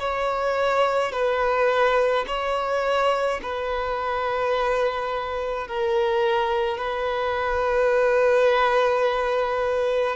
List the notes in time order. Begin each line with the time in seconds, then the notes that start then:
0.00 C#5
1.12 B4
2.27 C#5
3.43 B4
5.68 A#4
6.78 B4